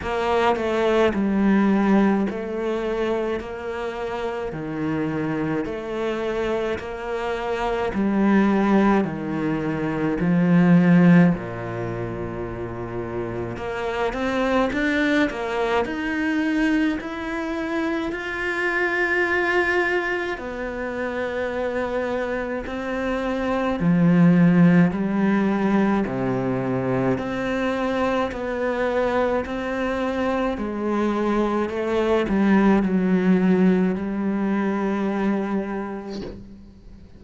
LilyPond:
\new Staff \with { instrumentName = "cello" } { \time 4/4 \tempo 4 = 53 ais8 a8 g4 a4 ais4 | dis4 a4 ais4 g4 | dis4 f4 ais,2 | ais8 c'8 d'8 ais8 dis'4 e'4 |
f'2 b2 | c'4 f4 g4 c4 | c'4 b4 c'4 gis4 | a8 g8 fis4 g2 | }